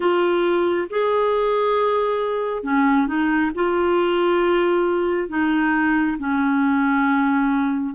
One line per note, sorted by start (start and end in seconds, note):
0.00 0.87 F4
0.90 2.63 G#4
2.63 3.06 C#4
3.06 3.51 D#4
3.54 5.29 F4
5.29 6.17 D#4
6.18 7.94 C#4